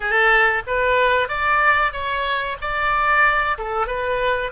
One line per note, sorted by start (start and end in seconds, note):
0.00 0.62 A4
0.66 1.28 B4
1.28 1.92 D5
1.92 2.57 C#5
2.61 3.57 D5
3.57 3.87 A4
3.87 4.51 B4